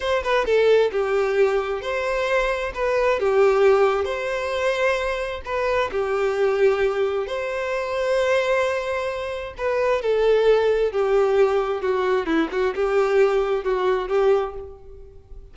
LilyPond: \new Staff \with { instrumentName = "violin" } { \time 4/4 \tempo 4 = 132 c''8 b'8 a'4 g'2 | c''2 b'4 g'4~ | g'4 c''2. | b'4 g'2. |
c''1~ | c''4 b'4 a'2 | g'2 fis'4 e'8 fis'8 | g'2 fis'4 g'4 | }